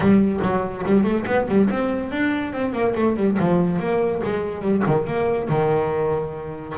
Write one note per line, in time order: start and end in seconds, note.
0.00 0.40 G3
0.42 0.84 F#3
0.85 1.03 G3
1.03 1.24 A3
1.26 1.47 B3
1.48 1.69 G3
1.70 2.11 C4
2.11 2.53 D4
2.53 2.72 C4
2.72 2.93 A#3
2.95 3.16 A3
3.16 3.37 G3
3.39 3.79 F3
3.79 4.21 A#3
4.23 4.61 G#3
4.61 4.82 G3
4.86 5.06 D#3
5.06 5.49 A#3
5.49 6.76 D#3